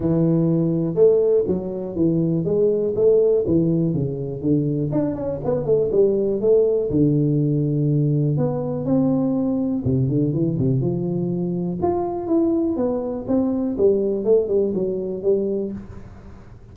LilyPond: \new Staff \with { instrumentName = "tuba" } { \time 4/4 \tempo 4 = 122 e2 a4 fis4 | e4 gis4 a4 e4 | cis4 d4 d'8 cis'8 b8 a8 | g4 a4 d2~ |
d4 b4 c'2 | c8 d8 e8 c8 f2 | f'4 e'4 b4 c'4 | g4 a8 g8 fis4 g4 | }